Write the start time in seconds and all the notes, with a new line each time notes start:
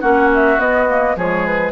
0.00 A#3 C#4 F#4 F#5
0.34 E5
0.58 B3 D#5
0.88 A#3
1.16 F3 G#3 G#4 C#5
1.46 B4